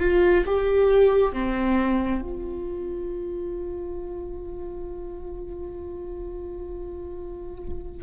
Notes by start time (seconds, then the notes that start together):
0.00 F4
0.46 G4
1.33 C4
2.22 F4